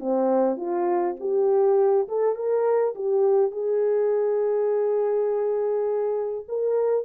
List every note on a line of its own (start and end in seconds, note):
0.00 0.57 C4
0.57 1.16 F4
1.20 2.08 G4
2.09 2.36 A4
2.36 2.94 A#4
2.95 3.52 G4
3.52 6.46 G#4
6.49 7.05 A#4